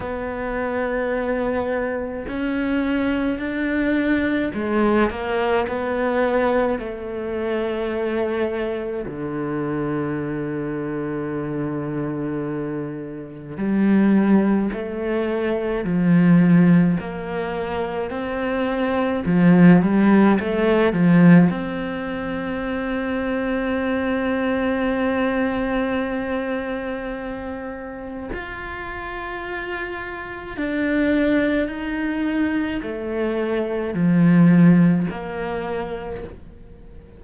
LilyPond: \new Staff \with { instrumentName = "cello" } { \time 4/4 \tempo 4 = 53 b2 cis'4 d'4 | gis8 ais8 b4 a2 | d1 | g4 a4 f4 ais4 |
c'4 f8 g8 a8 f8 c'4~ | c'1~ | c'4 f'2 d'4 | dis'4 a4 f4 ais4 | }